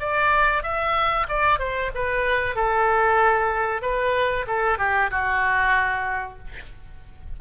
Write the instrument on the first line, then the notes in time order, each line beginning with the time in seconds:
oboe
0.00 D5
0.63 E5
1.29 D5
1.59 C5
1.94 B4
2.55 A4
3.82 B4
4.47 A4
4.78 G4
5.10 F#4